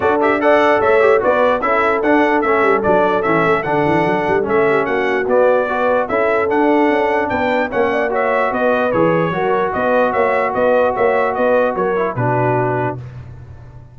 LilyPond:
<<
  \new Staff \with { instrumentName = "trumpet" } { \time 4/4 \tempo 4 = 148 d''8 e''8 fis''4 e''4 d''4 | e''4 fis''4 e''4 d''4 | e''4 fis''2 e''4 | fis''4 d''2 e''4 |
fis''2 g''4 fis''4 | e''4 dis''4 cis''2 | dis''4 e''4 dis''4 e''4 | dis''4 cis''4 b'2 | }
  \new Staff \with { instrumentName = "horn" } { \time 4/4 a'4 d''4 cis''4 b'4 | a'1~ | a'2.~ a'8 g'8 | fis'2 b'4 a'4~ |
a'2 b'4 cis''8 d''8 | cis''4 b'2 ais'4 | b'4 cis''4 b'4 cis''4 | b'4 ais'4 fis'2 | }
  \new Staff \with { instrumentName = "trombone" } { \time 4/4 fis'8 g'8 a'4. g'8 fis'4 | e'4 d'4 cis'4 d'4 | cis'4 d'2 cis'4~ | cis'4 b4 fis'4 e'4 |
d'2. cis'4 | fis'2 gis'4 fis'4~ | fis'1~ | fis'4. e'8 d'2 | }
  \new Staff \with { instrumentName = "tuba" } { \time 4/4 d'2 a4 b4 | cis'4 d'4 a8 g8 fis4 | e8 a8 d8 e8 fis8 g8 a4 | ais4 b2 cis'4 |
d'4 cis'4 b4 ais4~ | ais4 b4 e4 fis4 | b4 ais4 b4 ais4 | b4 fis4 b,2 | }
>>